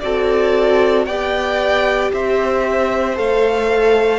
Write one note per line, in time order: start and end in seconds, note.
0.00 1.06 C4
0.00 1.08 F#4
0.00 1.06 A4
0.00 1.05 D5
1.05 2.11 B3
1.05 3.16 G4
1.05 2.11 D5
1.05 2.10 G5
2.12 3.17 C4
2.12 4.19 C5
2.12 3.18 E5
3.16 4.19 A3
3.16 4.19 A4
3.16 4.19 F5